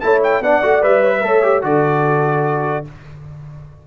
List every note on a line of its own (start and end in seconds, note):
0.00 0.40 A3
0.00 0.43 E4
0.00 0.43 C#5
0.00 0.20 A5
0.23 0.43 G5
0.40 0.61 B3
0.40 0.62 D4
0.40 1.03 D5
0.40 0.83 F#5
0.62 0.83 A3
0.62 0.82 F#4
0.82 1.23 G3
0.82 1.23 B4
0.82 1.64 E5
1.03 1.10 C#5
1.10 1.20 B4
1.23 1.63 A3
1.23 1.43 A4
1.23 1.64 C#5
1.43 1.62 G4
1.62 2.86 D3
1.62 2.84 F#4
1.62 2.87 A4
1.62 2.86 D5